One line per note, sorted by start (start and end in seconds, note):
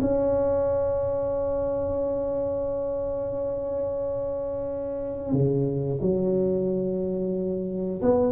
0.00 5.32 C#4
5.32 5.99 C#3
6.01 8.01 F#3
8.02 8.32 B3